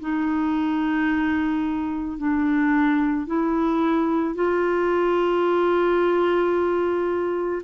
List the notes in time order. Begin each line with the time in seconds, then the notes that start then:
0.00 D#4
2.18 D4
3.27 E4
4.35 F4